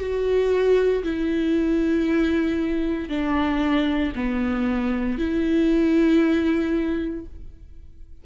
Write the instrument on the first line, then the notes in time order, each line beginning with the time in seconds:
viola
0.00 F#4
1.04 E4
3.09 D4
4.16 B3
5.19 E4